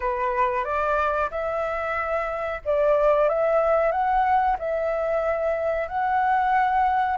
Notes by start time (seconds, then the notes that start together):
0.00 B4
0.64 D5
1.30 E5
2.64 D5
3.28 E5
3.91 F#5
4.58 E5
5.88 F#5